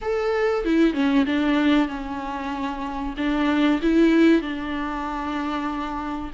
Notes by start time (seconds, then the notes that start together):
0.01 A4
0.64 E4
0.93 C#4
1.25 D4
1.87 C#4
3.17 D4
3.82 E4
4.41 D4